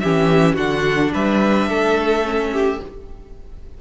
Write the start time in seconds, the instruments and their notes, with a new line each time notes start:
0.00 cello E3, viola C#4, violin G4 E5
0.55 cello D3, viola D4, violin F#4 F#5
1.14 cello G3, violin B4 E5
1.69 cello A3, violin A4
2.24 viola C#4
2.53 violin G4